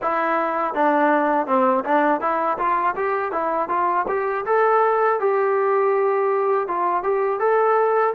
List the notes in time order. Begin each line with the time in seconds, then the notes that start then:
0.02 E4
0.74 D4
1.46 C4
1.84 D4
2.20 E4
2.57 F4
2.96 G4
3.32 E4
3.68 F4
4.08 G4
4.45 A4
5.20 G4
6.67 F4
7.03 G4
7.39 A4